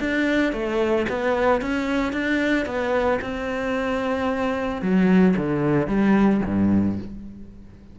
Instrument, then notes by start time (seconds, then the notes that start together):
cello
0.00 D4
0.53 A3
1.09 B3
1.62 C#4
2.13 D4
2.66 B3
3.21 C4
4.82 F#3
5.37 D3
5.88 G3
6.46 G2